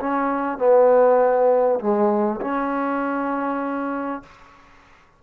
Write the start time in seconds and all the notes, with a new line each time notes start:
0.00 C#4
0.58 B3
1.80 G#3
2.41 C#4